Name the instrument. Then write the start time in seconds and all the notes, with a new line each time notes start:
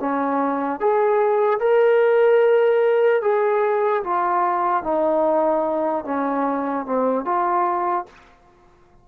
trombone
0.00 C#4
0.80 G#4
1.60 A#4
3.22 G#4
4.04 F4
4.84 D#4
6.05 C#4
6.86 C4
7.25 F4